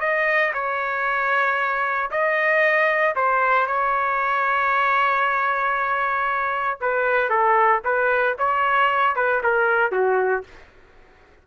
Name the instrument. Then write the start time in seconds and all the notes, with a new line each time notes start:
trumpet
0.00 D#5
0.54 C#5
2.11 D#5
3.15 C5
3.67 C#5
6.81 B4
7.29 A4
7.84 B4
8.38 C#5
9.16 B4
9.43 A#4
9.92 F#4